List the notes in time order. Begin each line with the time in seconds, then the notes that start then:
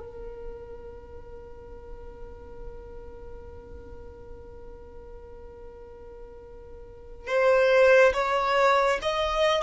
0.00 A#4
7.27 C5
8.14 C#5
9.02 D#5